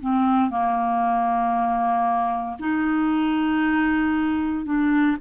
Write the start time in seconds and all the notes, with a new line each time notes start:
0.00 C4
0.50 A#3
2.60 D#4
4.65 D4